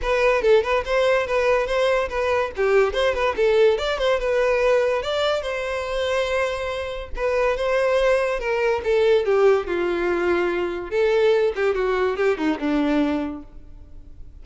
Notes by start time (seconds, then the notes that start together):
0.02 B4
0.42 A4
0.63 B4
0.85 C5
1.26 B4
1.66 C5
2.09 B4
2.56 G4
2.93 C5
3.14 B4
3.36 A4
3.78 D5
3.98 C5
4.19 B4
5.02 D5
5.41 C5
7.15 B4
7.56 C5
8.39 A#4
8.84 A4
9.25 G4
9.66 F4
10.90 A4
11.55 G4
11.74 F#4
12.16 G4
12.37 D#4
12.59 D4